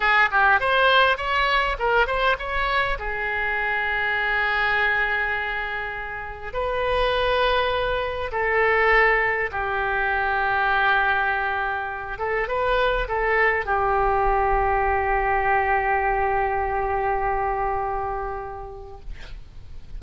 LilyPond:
\new Staff \with { instrumentName = "oboe" } { \time 4/4 \tempo 4 = 101 gis'8 g'8 c''4 cis''4 ais'8 c''8 | cis''4 gis'2.~ | gis'2. b'4~ | b'2 a'2 |
g'1~ | g'8 a'8 b'4 a'4 g'4~ | g'1~ | g'1 | }